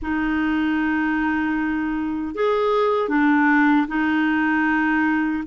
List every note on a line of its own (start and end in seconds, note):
0.02 2.34 D#4
2.34 3.08 G#4
3.08 3.86 D4
3.87 5.43 D#4